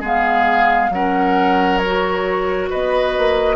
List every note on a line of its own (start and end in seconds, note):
0.00 0.90 G#3
0.00 0.90 B3
0.00 0.90 G#4
0.00 0.93 F5
0.90 2.69 F#3
0.90 1.83 C#4
0.90 2.70 A#4
0.90 1.78 F#5
1.78 2.67 C#5
1.85 3.56 F#4
2.70 3.18 B3
2.70 3.56 B4
2.70 3.56 D#5
3.18 3.56 A#3